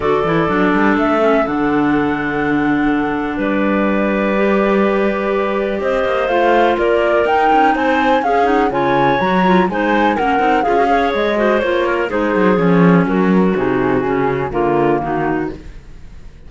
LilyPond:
<<
  \new Staff \with { instrumentName = "flute" } { \time 4/4 \tempo 4 = 124 d''2 e''4 fis''4~ | fis''2. d''4~ | d''1 | dis''4 f''4 d''4 g''4 |
gis''4 f''8 fis''8 gis''4 ais''4 | gis''4 fis''4 f''4 dis''4 | cis''4 c''4 cis''4 ais'4 | gis'2 ais'4 fis'4 | }
  \new Staff \with { instrumentName = "clarinet" } { \time 4/4 a'1~ | a'2. b'4~ | b'1 | c''2 ais'2 |
c''4 gis'4 cis''2 | c''4 ais'4 gis'8 cis''4 c''8~ | c''8 ais'8 gis'2 fis'4~ | fis'2 f'4 dis'4 | }
  \new Staff \with { instrumentName = "clarinet" } { \time 4/4 fis'8 e'8 d'4. cis'8 d'4~ | d'1~ | d'4 g'2.~ | g'4 f'2 dis'4~ |
dis'4 cis'8 dis'8 f'4 fis'8 f'8 | dis'4 cis'8 dis'8 f'16 fis'16 gis'4 fis'8 | f'4 dis'4 cis'2 | dis'4 cis'4 ais2 | }
  \new Staff \with { instrumentName = "cello" } { \time 4/4 d8 e8 fis8 g8 a4 d4~ | d2. g4~ | g1 | c'8 ais8 a4 ais4 dis'8 cis'8 |
c'4 cis'4 cis4 fis4 | gis4 ais8 c'8 cis'4 gis4 | ais4 gis8 fis8 f4 fis4 | c4 cis4 d4 dis4 | }
>>